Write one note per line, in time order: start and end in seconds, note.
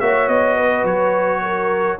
0.00 0.28 A#3
0.00 1.99 F#4
0.00 0.56 C#5
0.00 0.28 E5
0.28 0.84 B3
0.28 0.85 D#5
0.56 1.40 B4
0.84 1.97 F#3
0.84 1.99 C#5
1.42 1.99 A#4